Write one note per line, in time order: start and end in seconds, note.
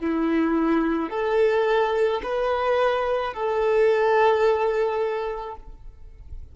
0.00 1.10 E4
1.10 2.21 A4
2.23 3.34 B4
3.34 5.56 A4